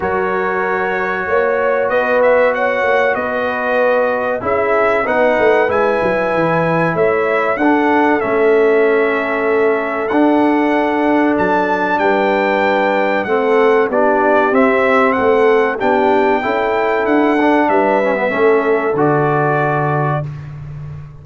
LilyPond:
<<
  \new Staff \with { instrumentName = "trumpet" } { \time 4/4 \tempo 4 = 95 cis''2. dis''8 e''8 | fis''4 dis''2 e''4 | fis''4 gis''2 e''4 | fis''4 e''2. |
fis''2 a''4 g''4~ | g''4 fis''4 d''4 e''4 | fis''4 g''2 fis''4 | e''2 d''2 | }
  \new Staff \with { instrumentName = "horn" } { \time 4/4 ais'2 cis''4 b'4 | cis''4 b'2 gis'4 | b'2. cis''4 | a'1~ |
a'2. b'4~ | b'4 a'4 g'2 | a'4 g'4 a'2 | b'4 a'2. | }
  \new Staff \with { instrumentName = "trombone" } { \time 4/4 fis'1~ | fis'2. e'4 | dis'4 e'2. | d'4 cis'2. |
d'1~ | d'4 c'4 d'4 c'4~ | c'4 d'4 e'4. d'8~ | d'8 cis'16 b16 cis'4 fis'2 | }
  \new Staff \with { instrumentName = "tuba" } { \time 4/4 fis2 ais4 b4~ | b8 ais8 b2 cis'4 | b8 a8 gis8 fis8 e4 a4 | d'4 a2. |
d'2 fis4 g4~ | g4 a4 b4 c'4 | a4 b4 cis'4 d'4 | g4 a4 d2 | }
>>